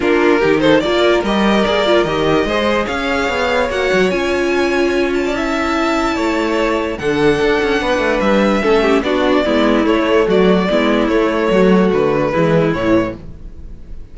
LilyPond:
<<
  \new Staff \with { instrumentName = "violin" } { \time 4/4 \tempo 4 = 146 ais'4. c''8 d''4 dis''4 | d''4 dis''2 f''4~ | f''4 fis''4 gis''2~ | gis''8 a''2.~ a''8~ |
a''4 fis''2. | e''2 d''2 | cis''4 d''2 cis''4~ | cis''4 b'2 cis''4 | }
  \new Staff \with { instrumentName = "violin" } { \time 4/4 f'4 g'8 a'8 ais'2~ | ais'2 c''4 cis''4~ | cis''1~ | cis''8. d''16 e''2 cis''4~ |
cis''4 a'2 b'4~ | b'4 a'8 g'8 fis'4 e'4~ | e'4 fis'4 e'2 | fis'2 e'2 | }
  \new Staff \with { instrumentName = "viola" } { \time 4/4 d'4 dis'4 f'4 g'4 | gis'8 f'8 g'4 gis'2~ | gis'4 fis'4 f'2~ | f'4 e'2.~ |
e'4 d'2.~ | d'4 cis'4 d'4 b4 | a2 b4 a4~ | a2 gis4 e4 | }
  \new Staff \with { instrumentName = "cello" } { \time 4/4 ais4 dis4 ais4 g4 | ais4 dis4 gis4 cis'4 | b4 ais8 fis8 cis'2~ | cis'2. a4~ |
a4 d4 d'8 cis'8 b8 a8 | g4 a4 b4 gis4 | a4 fis4 gis4 a4 | fis4 d4 e4 a,4 | }
>>